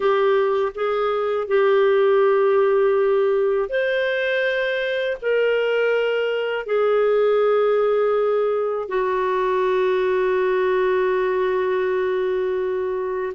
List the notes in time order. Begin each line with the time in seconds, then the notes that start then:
0.00 G4
0.74 G#4
1.47 G4
3.69 C5
5.21 A#4
6.66 G#4
8.88 F#4